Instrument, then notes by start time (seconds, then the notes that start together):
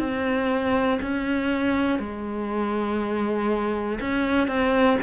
cello
0.00 C4
1.02 C#4
2.00 G#3
4.01 C#4
4.48 C4